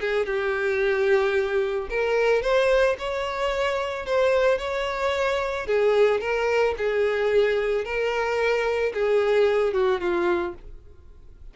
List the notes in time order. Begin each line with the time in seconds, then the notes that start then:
0.00 G#4
0.26 G4
1.89 A#4
2.42 C5
2.98 C#5
4.05 C5
4.58 C#5
5.66 G#4
6.20 A#4
6.77 G#4
7.84 A#4
8.94 G#4
9.73 F#4
10.00 F4